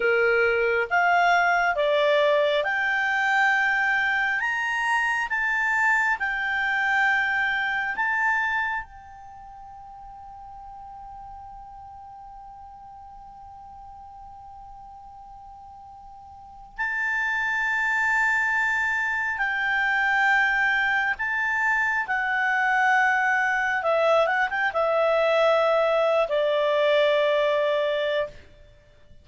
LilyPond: \new Staff \with { instrumentName = "clarinet" } { \time 4/4 \tempo 4 = 68 ais'4 f''4 d''4 g''4~ | g''4 ais''4 a''4 g''4~ | g''4 a''4 g''2~ | g''1~ |
g''2. a''4~ | a''2 g''2 | a''4 fis''2 e''8 fis''16 g''16 | e''4.~ e''16 d''2~ d''16 | }